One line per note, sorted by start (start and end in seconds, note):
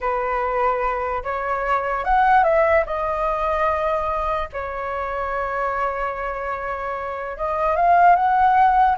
0.00 1.23 B4
1.23 2.04 C#5
2.04 2.43 F#5
2.43 2.84 E5
2.86 4.49 D#5
4.52 7.37 C#5
7.37 7.76 D#5
7.76 8.15 F5
8.15 8.97 F#5